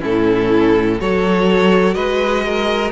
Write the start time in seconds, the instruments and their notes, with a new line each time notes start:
0.00 cello A2, viola C#4, violin E4 A4
1.00 cello F#3, viola F#4, violin A4 C#5
1.94 cello G#3, violin B4 D#5
2.45 violin A#4